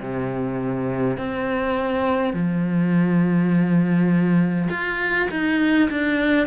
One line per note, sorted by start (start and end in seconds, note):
0.00 1.17 C3
1.17 2.33 C4
2.33 4.68 F3
4.70 5.28 F4
5.30 5.89 D#4
5.90 6.47 D4